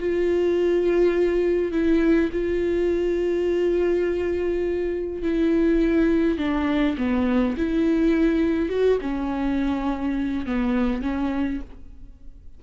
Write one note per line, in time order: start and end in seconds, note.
0.00 1.72 F4
1.72 2.31 E4
2.33 5.23 F4
5.23 6.38 E4
6.38 6.97 D4
6.98 7.56 B3
7.58 8.70 E4
8.70 8.99 F#4
9.02 10.46 C#4
10.46 11.03 B3
11.03 11.61 C#4